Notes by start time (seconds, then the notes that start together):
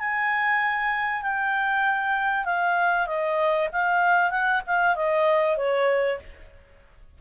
0.00 G#5
1.23 G5
2.45 F5
3.07 D#5
3.73 F5
4.31 F#5
4.67 F5
4.96 D#5
5.57 C#5